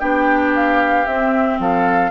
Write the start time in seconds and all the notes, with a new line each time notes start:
0.00 B3 D4 G4 G5
0.55 F5
1.06 C4 E5
1.59 F3 A4 F5